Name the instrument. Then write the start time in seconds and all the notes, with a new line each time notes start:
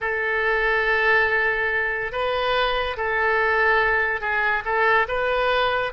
oboe
0.00 A4
2.11 B4
2.97 A4
4.20 G#4
4.64 A4
5.07 B4